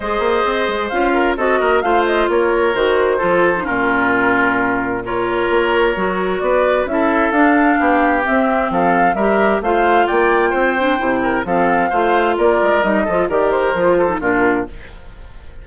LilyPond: <<
  \new Staff \with { instrumentName = "flute" } { \time 4/4 \tempo 4 = 131 dis''2 f''4 dis''4 | f''8 dis''8 cis''4 c''2 | ais'2. cis''4~ | cis''2 d''4 e''4 |
f''2 e''4 f''4 | e''4 f''4 g''2~ | g''4 f''2 d''4 | dis''4 d''8 c''4. ais'4 | }
  \new Staff \with { instrumentName = "oboe" } { \time 4/4 c''2~ c''8 ais'8 a'8 ais'8 | c''4 ais'2 a'4 | f'2. ais'4~ | ais'2 b'4 a'4~ |
a'4 g'2 a'4 | ais'4 c''4 d''4 c''4~ | c''8 ais'8 a'4 c''4 ais'4~ | ais'8 a'8 ais'4. a'8 f'4 | }
  \new Staff \with { instrumentName = "clarinet" } { \time 4/4 gis'2 f'4 fis'4 | f'2 fis'4 f'8. dis'16 | cis'2. f'4~ | f'4 fis'2 e'4 |
d'2 c'2 | g'4 f'2~ f'8 d'8 | e'4 c'4 f'2 | dis'8 f'8 g'4 f'8. dis'16 d'4 | }
  \new Staff \with { instrumentName = "bassoon" } { \time 4/4 gis8 ais8 c'8 gis8 cis'4 c'8 ais8 | a4 ais4 dis4 f4 | ais,1 | ais4 fis4 b4 cis'4 |
d'4 b4 c'4 f4 | g4 a4 ais4 c'4 | c4 f4 a4 ais8 gis8 | g8 f8 dis4 f4 ais,4 | }
>>